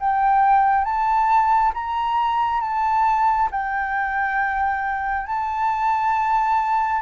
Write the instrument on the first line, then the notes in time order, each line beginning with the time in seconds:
flute
0.00 G5
0.84 A5
1.74 A#5
2.61 A5
3.51 G5
5.27 A5